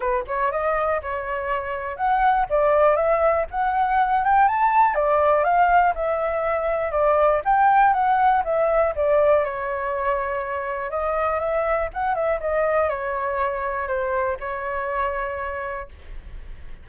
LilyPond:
\new Staff \with { instrumentName = "flute" } { \time 4/4 \tempo 4 = 121 b'8 cis''8 dis''4 cis''2 | fis''4 d''4 e''4 fis''4~ | fis''8 g''8 a''4 d''4 f''4 | e''2 d''4 g''4 |
fis''4 e''4 d''4 cis''4~ | cis''2 dis''4 e''4 | fis''8 e''8 dis''4 cis''2 | c''4 cis''2. | }